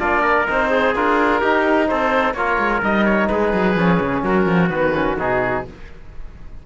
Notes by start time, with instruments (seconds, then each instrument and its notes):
0.00 cello A#3, trombone D4, trumpet F4, oboe D5
0.22 trumpet A#4
0.48 cello C4, trombone D#4, oboe C5
0.71 trumpet G#4
0.96 cello D4, trombone F4, oboe A#4
1.41 trombone D#4, cello D#4, trumpet G4
1.88 cello C4, trumpet A4, oboe C5
2.34 cello A#3, trombone F4, trumpet A#4, oboe C#5
2.59 cello G#3
2.83 cello G3, trombone D#4, oboe D#5
3.06 oboe C#5
3.28 cello G#3, trumpet G#4, oboe B4
3.54 cello F#3
3.76 cello F3, trombone C#4
4.00 cello C#3
4.24 cello F#3, trumpet F#4, oboe A#4
4.46 cello F3
4.70 cello D#3, trombone B3, oboe B4
4.95 trombone C#4
5.19 cello B2, trombone D#4, oboe G#4